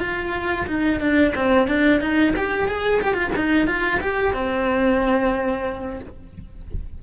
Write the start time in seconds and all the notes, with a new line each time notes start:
0.00 F4
0.67 D#4
1.01 D4
1.35 C4
1.68 D4
2.01 D#4
2.36 G4
2.68 G#4
3.02 G4
3.14 F4
3.36 D#4
3.67 F4
4.01 G4
4.33 C4